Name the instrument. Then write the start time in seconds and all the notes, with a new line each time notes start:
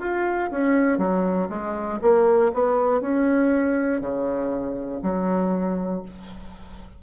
bassoon
0.00 F4
0.51 C#4
0.98 F#3
1.50 G#3
2.01 A#3
2.54 B3
3.00 C#4
4.01 C#3
5.03 F#3